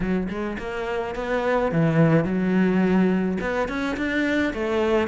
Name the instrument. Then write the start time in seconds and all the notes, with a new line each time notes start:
cello
0.00 F#3
0.28 G#3
0.58 A#3
1.15 B3
1.71 E3
2.24 F#3
3.40 B3
3.68 C#4
3.96 D4
4.53 A3